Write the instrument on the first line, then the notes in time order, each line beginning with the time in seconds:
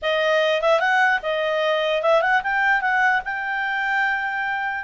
clarinet
0.01 D#5
0.61 E5
0.80 F#5
1.22 D#5
2.02 E5
2.21 F#5
2.43 G5
2.81 F#5
3.25 G5